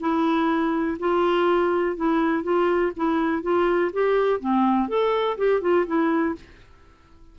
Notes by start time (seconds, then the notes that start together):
0.00 E4
0.99 F4
1.97 E4
2.43 F4
2.96 E4
3.43 F4
3.93 G4
4.40 C4
4.88 A4
5.37 G4
5.61 F4
5.87 E4